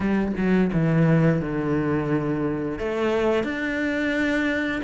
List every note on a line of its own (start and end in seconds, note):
0.00 0.32 G3
0.36 0.71 F#3
0.72 1.41 E3
1.41 2.79 D3
2.79 3.43 A3
3.43 4.81 D4